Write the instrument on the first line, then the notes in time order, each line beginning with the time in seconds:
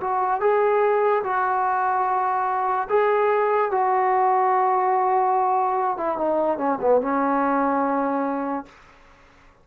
trombone
0.00 F#4
0.40 G#4
1.23 F#4
2.89 G#4
3.71 F#4
5.97 E4
6.17 D#4
6.57 C#4
6.80 B3
7.01 C#4